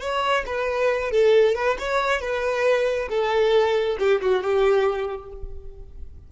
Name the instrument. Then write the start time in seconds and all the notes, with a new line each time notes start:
violin
0.00 C#5
0.46 B4
1.11 A4
1.55 B4
1.79 C#5
2.20 B4
3.09 A4
3.99 G4
4.21 F#4
4.43 G4